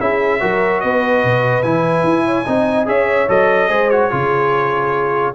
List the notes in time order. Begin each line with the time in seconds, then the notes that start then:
0.00 C#4 E4 G#4 E5
0.40 F#3 F#4 A#4
0.80 B3 B4 D#5
1.24 B2
1.63 E3 E4 G#5
2.04 E4
2.25 C#5
2.45 C4 D#4 D#5
2.86 C#4 G#4 C#5 E5
3.29 F#3 A4 D#5
3.69 G#3 G#4 C5
3.90 F#4 C#5
4.10 C#3 F4 G#4